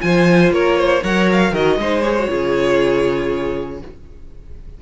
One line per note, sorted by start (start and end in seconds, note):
0.00 0.51 F3
0.00 1.01 F4
0.00 0.54 C5
0.00 0.52 G#5
0.51 1.01 A#3
0.51 0.78 A#4
0.51 1.04 C#5
0.78 1.03 C5
1.03 1.52 F#3
1.03 1.54 A#4
1.03 1.51 C#5
1.03 1.29 F#5
1.32 1.55 F5
1.51 1.77 D#3
1.51 1.79 F#4
1.51 1.77 A#4
1.51 2.02 D#5
1.78 2.28 G#3
1.78 2.03 D#4
1.78 2.30 C5
2.02 2.16 G#4
2.02 3.78 C#5
2.20 2.29 F#4
2.29 3.82 C#3
2.29 3.80 F4
2.29 3.81 G#4